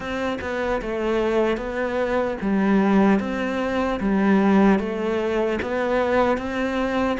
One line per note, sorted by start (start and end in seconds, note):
0.00 0.38 C4
0.41 0.81 B3
0.81 1.57 A3
1.57 2.37 B3
2.41 3.19 G3
3.19 3.99 C4
4.00 4.79 G3
4.79 5.59 A3
5.62 6.37 B3
6.37 7.17 C4